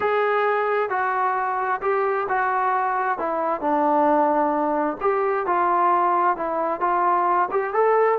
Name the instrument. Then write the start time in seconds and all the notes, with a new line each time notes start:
trombone
0.00 G#4
0.89 F#4
1.81 G4
2.29 F#4
3.18 E4
3.60 D4
5.00 G4
5.46 F4
6.37 E4
6.80 F4
7.51 G4
7.73 A4